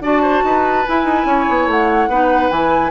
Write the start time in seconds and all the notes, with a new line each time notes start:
0.00 D4 F#4 D5 A5
0.22 C5
0.43 D#4 B4
0.86 E4 G#5
1.04 D#4
1.24 C#4 C#5
1.48 B3
1.66 A3 F#5
2.07 B3 D#4 B4
2.50 E3 E4 G#5